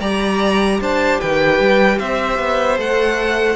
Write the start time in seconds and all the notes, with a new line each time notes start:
0.00 G3 G4 D5 A#5
0.81 D4 C5 A5
1.21 D#3 B4 G5
1.60 G3
1.99 C4 C5 E5
2.39 B3
2.78 A3 A4 F#5